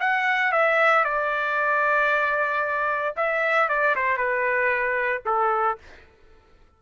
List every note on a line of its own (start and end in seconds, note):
0.00 0.52 F#5
0.52 1.04 E5
1.04 3.15 D5
3.17 3.69 E5
3.69 3.95 D5
3.96 4.17 C5
4.17 5.23 B4
5.26 5.78 A4